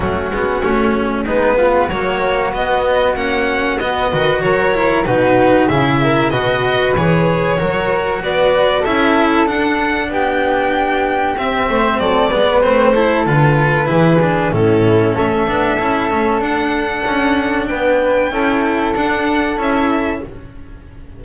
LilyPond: <<
  \new Staff \with { instrumentName = "violin" } { \time 4/4 \tempo 4 = 95 fis'2 b'4 cis''4 | dis''4 fis''4 dis''4 cis''4 | b'4 e''4 dis''4 cis''4~ | cis''4 d''4 e''4 fis''4 |
g''2 e''4 d''4 | c''4 b'2 a'4 | e''2 fis''2 | g''2 fis''4 e''4 | }
  \new Staff \with { instrumentName = "flute" } { \time 4/4 cis'2 dis'8 f'8 fis'4~ | fis'2~ fis'8 b'8 ais'4 | fis'4 gis'8 ais'8 b'2 | ais'4 b'4 a'2 |
g'2~ g'8 c''8 a'8 b'8~ | b'8 a'4. gis'4 e'4 | a'1 | b'4 a'2. | }
  \new Staff \with { instrumentName = "cello" } { \time 4/4 a8 b8 cis'4 b4 ais4 | b4 cis'4 b8 fis'4 e'8 | dis'4 e'4 fis'4 gis'4 | fis'2 e'4 d'4~ |
d'2 c'4. b8 | c'8 e'8 f'4 e'8 d'8 cis'4~ | cis'8 d'8 e'8 cis'8 d'2~ | d'4 e'4 d'4 e'4 | }
  \new Staff \with { instrumentName = "double bass" } { \time 4/4 fis8 gis8 a4 gis4 fis4 | b4 ais4 b8 dis8 fis4 | b,4 cis4 b,4 e4 | fis4 b4 cis'4 d'4 |
b2 c'8 a8 fis8 gis8 | a4 d4 e4 a,4 | a8 b8 cis'8 a8 d'4 cis'4 | b4 cis'4 d'4 cis'4 | }
>>